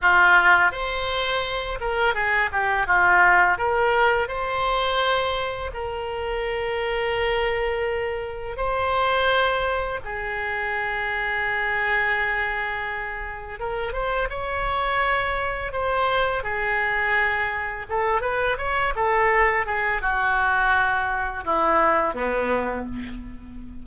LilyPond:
\new Staff \with { instrumentName = "oboe" } { \time 4/4 \tempo 4 = 84 f'4 c''4. ais'8 gis'8 g'8 | f'4 ais'4 c''2 | ais'1 | c''2 gis'2~ |
gis'2. ais'8 c''8 | cis''2 c''4 gis'4~ | gis'4 a'8 b'8 cis''8 a'4 gis'8 | fis'2 e'4 b4 | }